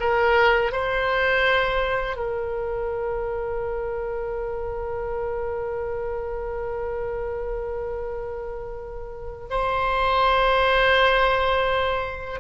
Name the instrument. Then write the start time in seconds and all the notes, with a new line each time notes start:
oboe
0.00 A#4
0.72 C5
2.16 A#4
9.50 C5